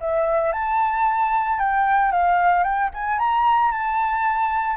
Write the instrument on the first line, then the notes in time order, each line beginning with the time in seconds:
flute
0.00 E5
0.53 A5
1.59 G5
2.12 F5
2.64 G5
2.94 G#5
3.19 A#5
3.72 A5